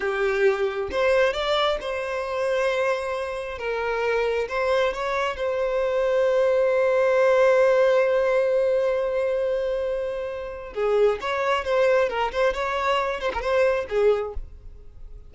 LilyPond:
\new Staff \with { instrumentName = "violin" } { \time 4/4 \tempo 4 = 134 g'2 c''4 d''4 | c''1 | ais'2 c''4 cis''4 | c''1~ |
c''1~ | c''1 | gis'4 cis''4 c''4 ais'8 c''8 | cis''4. c''16 ais'16 c''4 gis'4 | }